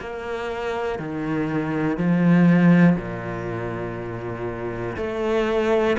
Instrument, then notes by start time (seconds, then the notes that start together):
cello
0.00 A#3
0.99 D#3
1.97 F3
2.96 A#2
4.96 A3